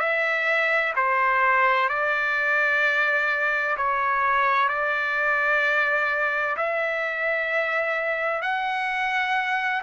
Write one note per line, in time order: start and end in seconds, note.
0.00 0.94 E5
0.96 1.89 C5
1.89 3.77 D5
3.78 4.69 C#5
4.69 6.56 D5
6.57 8.42 E5
8.42 9.83 F#5